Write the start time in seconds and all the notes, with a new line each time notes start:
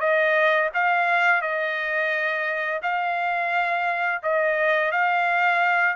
0.00 D#5
0.74 F5
1.41 D#5
2.82 F5
4.23 D#5
4.92 F5